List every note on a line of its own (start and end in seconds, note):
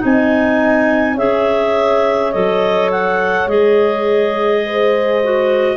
0.00 1.19 C4
0.00 1.15 D#4
0.00 1.14 D#5
0.00 1.18 G#5
1.14 2.35 C#4
1.14 2.33 G#4
1.14 4.60 C#5
1.14 2.32 E5
2.32 3.47 F#3
2.32 3.49 A4
2.32 2.90 D#5
2.91 3.49 F#5
3.47 5.77 G#3
3.47 5.22 G#4
3.47 5.77 D#5
4.65 5.77 C5
5.23 5.77 F#4